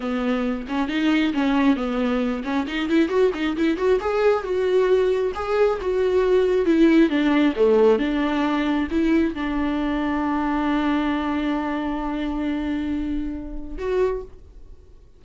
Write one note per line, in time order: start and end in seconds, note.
0.00 0.66 B3
0.68 0.88 C#4
0.88 1.32 D#4
1.33 1.76 C#4
1.76 2.43 B3
2.44 2.66 C#4
2.67 2.88 D#4
2.88 3.08 E4
3.08 3.31 F#4
3.34 3.56 D#4
3.56 3.77 E4
3.77 3.99 F#4
4.00 4.43 G#4
4.43 5.32 F#4
5.35 5.79 G#4
5.81 6.65 F#4
6.65 7.09 E4
7.09 7.54 D4
7.56 7.98 A3
7.98 8.87 D4
8.90 9.34 E4
9.34 13.77 D4
13.77 14.22 F#4